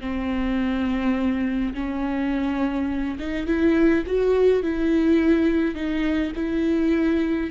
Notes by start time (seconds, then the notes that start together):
0.00 C4
1.74 C#4
3.19 D#4
3.46 E4
4.06 F#4
4.62 E4
5.74 D#4
6.35 E4